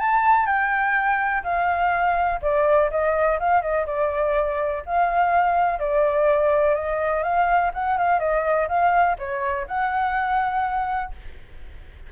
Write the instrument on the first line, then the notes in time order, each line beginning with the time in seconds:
flute
0.00 A5
0.46 G5
1.44 F5
2.42 D5
2.91 D#5
3.39 F5
3.62 D#5
3.86 D5
4.86 F5
5.80 D5
6.75 D#5
7.23 F5
7.74 F#5
7.98 F5
8.19 D#5
8.68 F5
9.18 C#5
9.67 F#5